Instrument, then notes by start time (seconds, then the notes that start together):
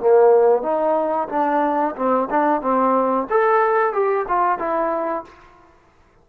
trombone
0.00 A#3
0.63 D#4
1.29 D4
1.96 C4
2.31 D4
2.62 C4
3.30 A4
3.94 G4
4.29 F4
4.59 E4